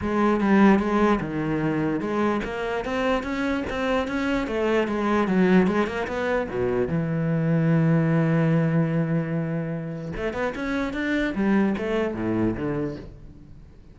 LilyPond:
\new Staff \with { instrumentName = "cello" } { \time 4/4 \tempo 4 = 148 gis4 g4 gis4 dis4~ | dis4 gis4 ais4 c'4 | cis'4 c'4 cis'4 a4 | gis4 fis4 gis8 ais8 b4 |
b,4 e2.~ | e1~ | e4 a8 b8 cis'4 d'4 | g4 a4 a,4 d4 | }